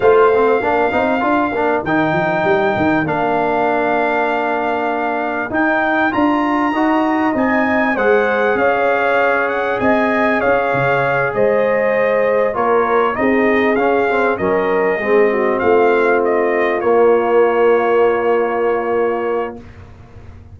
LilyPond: <<
  \new Staff \with { instrumentName = "trumpet" } { \time 4/4 \tempo 4 = 98 f''2. g''4~ | g''4 f''2.~ | f''4 g''4 ais''2 | gis''4 fis''4 f''4. fis''8 |
gis''4 f''4. dis''4.~ | dis''8 cis''4 dis''4 f''4 dis''8~ | dis''4. f''4 dis''4 cis''8~ | cis''1 | }
  \new Staff \with { instrumentName = "horn" } { \time 4/4 c''4 ais'2.~ | ais'1~ | ais'2. dis''4~ | dis''4 c''4 cis''2 |
dis''4 cis''4. c''4.~ | c''8 ais'4 gis'2 ais'8~ | ais'8 gis'8 fis'8 f'2~ f'8~ | f'1 | }
  \new Staff \with { instrumentName = "trombone" } { \time 4/4 f'8 c'8 d'8 dis'8 f'8 d'8 dis'4~ | dis'4 d'2.~ | d'4 dis'4 f'4 fis'4 | dis'4 gis'2.~ |
gis'1~ | gis'8 f'4 dis'4 cis'8 c'8 cis'8~ | cis'8 c'2. ais8~ | ais1 | }
  \new Staff \with { instrumentName = "tuba" } { \time 4/4 a4 ais8 c'8 d'8 ais8 dis8 f8 | g8 dis8 ais2.~ | ais4 dis'4 d'4 dis'4 | c'4 gis4 cis'2 |
c'4 cis'8 cis4 gis4.~ | gis8 ais4 c'4 cis'4 fis8~ | fis8 gis4 a2 ais8~ | ais1 | }
>>